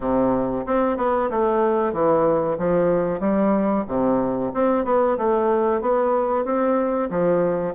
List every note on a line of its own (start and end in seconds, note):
0.00 0.64 C3
0.65 0.97 C4
0.97 1.29 B3
1.30 1.92 A3
1.92 2.57 E3
2.58 3.20 F3
3.20 3.84 G3
3.87 4.52 C3
4.54 4.84 C4
4.84 5.17 B3
5.17 5.81 A3
5.81 6.45 B3
6.45 7.09 C4
7.10 7.74 F3